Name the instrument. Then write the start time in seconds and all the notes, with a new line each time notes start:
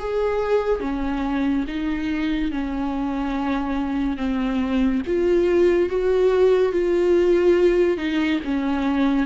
viola
0.00 G#4
0.81 C#4
1.68 D#4
2.52 C#4
4.17 C4
5.07 F4
5.90 F#4
6.72 F4
7.98 D#4
8.45 C#4